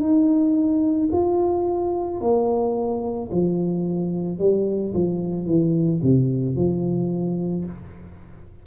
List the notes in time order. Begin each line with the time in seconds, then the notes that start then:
0.00 D#4
1.12 F4
2.21 A#3
3.31 F3
4.38 G3
4.94 F3
5.46 E3
6.02 C3
6.56 F3